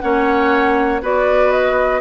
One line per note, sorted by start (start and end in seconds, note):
0.00 1.02 A#3
0.00 1.01 C#4
0.00 1.02 C#5
0.00 1.00 F#5
1.01 2.00 B3
1.01 2.00 F#4
1.01 2.00 B4
1.01 1.51 D5
1.51 2.00 D#5